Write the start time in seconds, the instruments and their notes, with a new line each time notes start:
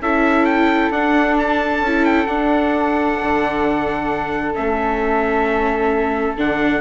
0.00 bassoon C#4, viola E4, flute A4, trumpet E5
0.45 trumpet G5
0.90 bassoon D4, viola D4, trumpet F#5
1.38 trumpet A5
1.80 bassoon C#4
1.87 viola E4
2.04 trumpet G5
2.26 viola D4, bassoon D4, trumpet F#5
3.20 bassoon D3
4.54 bassoon A3, viola C#4, trumpet E5
6.36 bassoon D3, viola D4, trumpet F#5